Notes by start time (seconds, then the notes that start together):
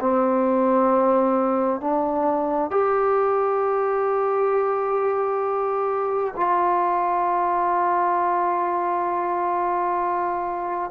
0.00 C4
1.80 D4
2.70 G4
6.36 F4